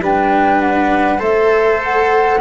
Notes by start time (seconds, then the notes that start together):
0.00 G3 D4 B4 G5
0.60 F#5
1.19 A3 A4 C5 E5
1.83 F#5